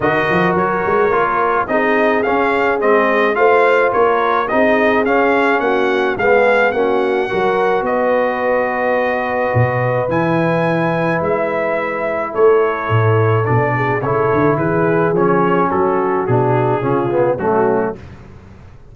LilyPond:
<<
  \new Staff \with { instrumentName = "trumpet" } { \time 4/4 \tempo 4 = 107 dis''4 cis''2 dis''4 | f''4 dis''4 f''4 cis''4 | dis''4 f''4 fis''4 f''4 | fis''2 dis''2~ |
dis''2 gis''2 | e''2 cis''2 | d''4 cis''4 b'4 cis''4 | a'4 gis'2 fis'4 | }
  \new Staff \with { instrumentName = "horn" } { \time 4/4 ais'2. gis'4~ | gis'2 c''4 ais'4 | gis'2 fis'4 gis'4 | fis'4 ais'4 b'2~ |
b'1~ | b'2 a'2~ | a'8 gis'8 a'4 gis'2 | fis'2 f'4 cis'4 | }
  \new Staff \with { instrumentName = "trombone" } { \time 4/4 fis'2 f'4 dis'4 | cis'4 c'4 f'2 | dis'4 cis'2 b4 | cis'4 fis'2.~ |
fis'2 e'2~ | e'1 | d'4 e'2 cis'4~ | cis'4 d'4 cis'8 b8 a4 | }
  \new Staff \with { instrumentName = "tuba" } { \time 4/4 dis8 f8 fis8 gis8 ais4 c'4 | cis'4 gis4 a4 ais4 | c'4 cis'4 ais4 gis4 | ais4 fis4 b2~ |
b4 b,4 e2 | gis2 a4 a,4 | b,4 cis8 d8 e4 f4 | fis4 b,4 cis4 fis4 | }
>>